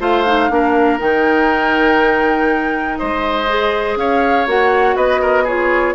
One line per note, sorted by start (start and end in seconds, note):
0.00 0.50 A3
0.00 0.25 F4
0.00 0.50 C5
0.00 1.00 F5
0.26 0.50 D#4
0.50 0.99 A#3
0.50 0.99 D4
0.50 2.99 A#4
0.99 2.99 D#3
0.99 3.46 D#4
0.99 2.98 G5
2.98 3.96 G#3
2.98 3.98 C5
2.98 3.97 D#5
3.48 4.47 G#4
3.96 4.45 C#4
3.96 4.96 C#5
3.96 4.48 F5
4.47 4.96 A#3
4.47 5.46 F#4
4.47 4.96 F#5
4.96 5.95 B3
4.96 5.21 B4
4.96 5.46 D#5
5.21 5.44 A#4
5.44 5.95 F4
5.44 5.93 G#4
5.44 5.95 C#5